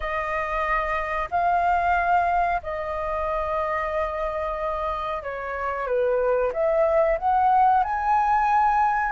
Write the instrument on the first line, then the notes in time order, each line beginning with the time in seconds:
flute
0.00 D#5
1.30 F5
2.62 D#5
5.22 C#5
5.86 B4
6.52 E5
7.18 F#5
7.83 G#5